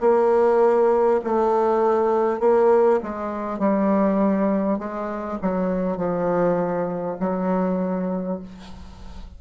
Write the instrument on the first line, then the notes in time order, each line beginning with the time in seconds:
bassoon
0.00 A#3
1.24 A3
2.39 A#3
3.03 G#3
3.59 G3
4.78 G#3
5.42 F#3
5.97 F3
7.19 F#3